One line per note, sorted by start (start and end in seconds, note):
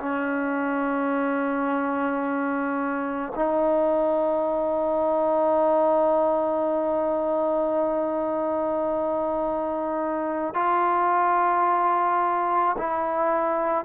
0.00 3.33 C#4
3.36 10.55 D#4
10.55 12.77 F4
12.78 13.85 E4